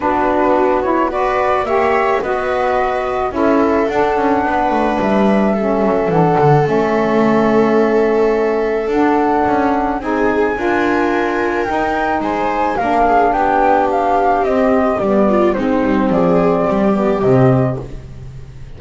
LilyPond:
<<
  \new Staff \with { instrumentName = "flute" } { \time 4/4 \tempo 4 = 108 b'4. cis''8 d''4 e''4 | dis''2 e''4 fis''4~ | fis''4 e''2 fis''4 | e''1 |
fis''2 gis''2~ | gis''4 g''4 gis''4 f''4 | g''4 f''4 dis''4 d''4 | c''4 d''2 dis''4 | }
  \new Staff \with { instrumentName = "viola" } { \time 4/4 fis'2 b'4 cis''4 | b'2 a'2 | b'2 a'2~ | a'1~ |
a'2 gis'4 ais'4~ | ais'2 c''4 ais'8 gis'8 | g'2.~ g'8 f'8 | dis'4 gis'4 g'2 | }
  \new Staff \with { instrumentName = "saxophone" } { \time 4/4 d'4. e'8 fis'4 g'4 | fis'2 e'4 d'4~ | d'2 cis'4 d'4 | cis'1 |
d'2 dis'4 f'4~ | f'4 dis'2 d'4~ | d'2 c'4 b4 | c'2~ c'8 b8 c'4 | }
  \new Staff \with { instrumentName = "double bass" } { \time 4/4 b2. ais4 | b2 cis'4 d'8 cis'8 | b8 a8 g4. fis8 e8 d8 | a1 |
d'4 cis'4 c'4 d'4~ | d'4 dis'4 gis4 ais4 | b2 c'4 g4 | gis8 g8 f4 g4 c4 | }
>>